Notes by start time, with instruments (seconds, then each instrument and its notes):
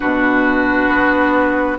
0.00 bassoon B2, clarinet D4, oboe F#4, flute B4
0.88 bassoon B3